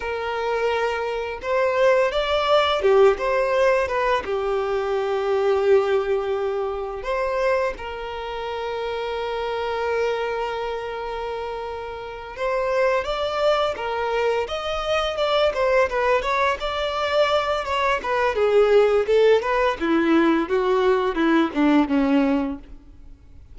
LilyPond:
\new Staff \with { instrumentName = "violin" } { \time 4/4 \tempo 4 = 85 ais'2 c''4 d''4 | g'8 c''4 b'8 g'2~ | g'2 c''4 ais'4~ | ais'1~ |
ais'4. c''4 d''4 ais'8~ | ais'8 dis''4 d''8 c''8 b'8 cis''8 d''8~ | d''4 cis''8 b'8 gis'4 a'8 b'8 | e'4 fis'4 e'8 d'8 cis'4 | }